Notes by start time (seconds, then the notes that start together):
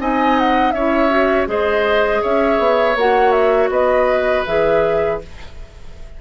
0.00 C4 D#4 D#5 G#5
0.39 F#5
0.72 C#4 E4 C#5 E5
1.10 F#4
1.47 G#3 G#4 C5 D#5
2.22 C#4 C#5 E5
2.59 B3
2.96 A#3 F#4 F#5
3.32 E5
3.69 B3 B4 D#5
4.46 E3 G#4 E5